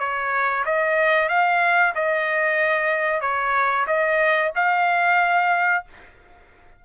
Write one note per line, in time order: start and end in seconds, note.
0.00 0.65 C#5
0.66 1.29 D#5
1.29 1.94 F5
1.96 3.22 D#5
3.22 3.86 C#5
3.88 4.52 D#5
4.56 5.85 F5